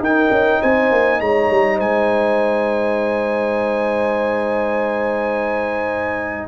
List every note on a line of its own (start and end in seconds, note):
0.00 0.29 D#4
0.00 6.48 D#4
0.00 0.61 A#4
0.00 0.63 G5
0.31 0.61 C#4
0.61 0.92 C4
0.61 1.20 C5
0.61 1.21 G#5
0.92 1.21 A#3
1.20 1.50 G#3
1.20 1.77 C#5
1.20 1.80 A#5
1.51 1.80 G3
1.77 6.48 G#3
1.77 6.48 C5
1.77 6.48 G#5